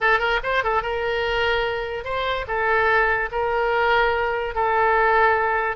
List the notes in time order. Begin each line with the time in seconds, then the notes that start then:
0.00 A4
0.19 A#4
0.43 C5
0.63 A4
0.82 A#4
2.04 C5
2.47 A4
3.31 A#4
4.54 A4